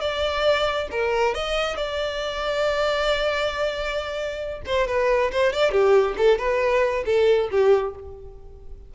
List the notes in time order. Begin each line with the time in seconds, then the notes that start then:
0.00 D5
0.91 A#4
1.34 D#5
1.76 D5
4.66 C5
4.87 B4
5.31 C5
5.52 D5
5.72 G4
6.17 A4
6.38 B4
7.05 A4
7.51 G4